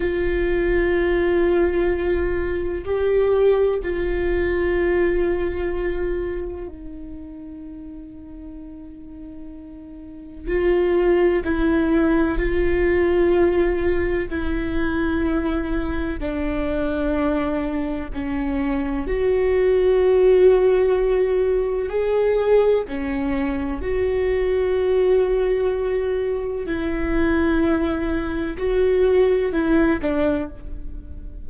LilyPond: \new Staff \with { instrumentName = "viola" } { \time 4/4 \tempo 4 = 63 f'2. g'4 | f'2. dis'4~ | dis'2. f'4 | e'4 f'2 e'4~ |
e'4 d'2 cis'4 | fis'2. gis'4 | cis'4 fis'2. | e'2 fis'4 e'8 d'8 | }